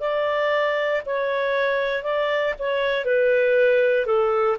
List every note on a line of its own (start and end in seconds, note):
0.00 1.02 D5
1.05 2.03 C#5
2.03 2.54 D5
2.59 3.05 C#5
3.05 4.06 B4
4.06 4.57 A4